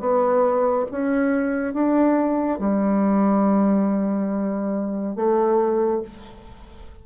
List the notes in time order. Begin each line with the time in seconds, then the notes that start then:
0.00 B3
0.92 C#4
1.74 D4
2.59 G3
5.16 A3